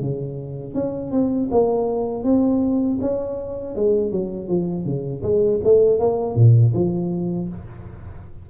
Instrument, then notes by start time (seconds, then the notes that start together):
tuba
0.00 C#3
0.74 C#4
1.11 C4
1.51 A#3
2.23 C4
3.01 C#4
3.75 G#3
4.11 F#3
4.48 F3
4.84 C#3
5.22 G#3
5.64 A3
5.99 A#3
6.35 A#2
6.73 F3